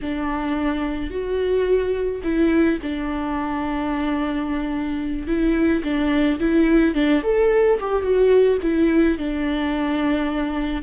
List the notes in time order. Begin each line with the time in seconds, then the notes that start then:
0.01 D4
1.10 F#4
2.23 E4
2.82 D4
5.27 E4
5.83 D4
6.39 E4
6.94 D4
7.23 A4
7.80 G4
8.02 F#4
8.62 E4
9.18 D4